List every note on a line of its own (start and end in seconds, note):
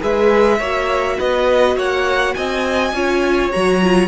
0.00 0.60 G#3
0.00 0.58 G#4
0.00 0.58 B4
0.00 1.19 E5
0.58 1.18 A#3
0.58 2.94 F#4
0.58 1.16 C#5
1.18 1.76 B3
1.18 1.76 B4
1.18 1.78 D#5
1.76 2.34 A#3
1.76 2.35 C#5
1.76 2.34 F#5
2.34 2.93 C4
2.34 2.95 D#5
2.34 3.51 G#5
2.93 3.51 C#4
2.93 3.52 F4
2.93 4.08 C#5
3.51 4.08 F#3
3.51 3.81 F#4
3.51 4.08 A#5
3.83 4.08 F4